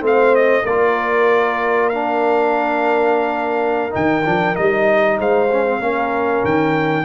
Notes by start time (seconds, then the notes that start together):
0.00 A3 C4 C5 F5
0.35 D#5
0.64 A#3 F4 A#4 D5
1.89 D4 F5
3.90 D#3 D#4 G5
4.24 F3 D4
4.54 G3 D#4 D#5
5.18 G#3 C5 F5
5.51 C#4
5.65 C4
5.79 A#3 C#4 A#4
6.43 D#3 G5